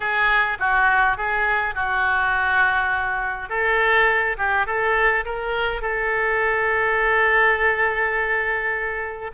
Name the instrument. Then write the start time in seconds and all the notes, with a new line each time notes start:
oboe
0.00 G#4
0.59 F#4
1.17 G#4
1.74 F#4
3.49 A4
4.37 G4
4.66 A4
5.25 A#4
5.81 A4